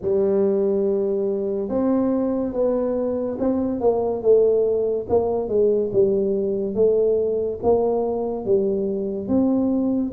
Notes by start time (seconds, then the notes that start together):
0.01 G3
1.68 C4
2.53 B3
3.39 C4
3.80 A#3
4.21 A3
5.09 A#3
5.48 G#3
5.92 G3
6.74 A3
7.62 A#3
8.45 G3
9.28 C4